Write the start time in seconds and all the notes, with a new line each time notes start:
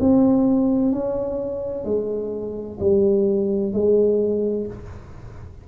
0.00 C4
0.92 C#4
1.85 G#3
2.80 G3
3.73 G#3